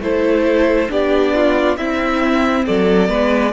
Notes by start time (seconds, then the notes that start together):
0.00 A3 E4 A4 C5
0.89 B3 D4 G4 D5
1.35 F4
1.76 C4 E4 E5
2.66 F#3 A4 D5
3.08 G#3 B3 B4